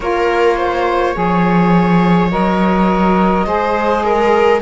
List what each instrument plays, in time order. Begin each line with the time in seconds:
0.00 cello A#3, saxophone F4, viola A#4, flute C#5
0.56 viola C5
1.13 cello F3, saxophone G#4, viola C#5
2.31 cello F#3, saxophone A#4, flute D#5
3.45 cello G#3, saxophone G#4, viola C5
4.04 viola A#4